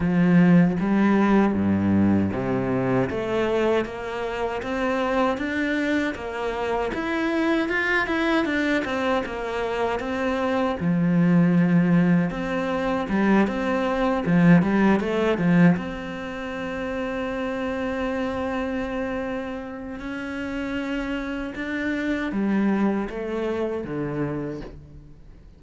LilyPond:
\new Staff \with { instrumentName = "cello" } { \time 4/4 \tempo 4 = 78 f4 g4 g,4 c4 | a4 ais4 c'4 d'4 | ais4 e'4 f'8 e'8 d'8 c'8 | ais4 c'4 f2 |
c'4 g8 c'4 f8 g8 a8 | f8 c'2.~ c'8~ | c'2 cis'2 | d'4 g4 a4 d4 | }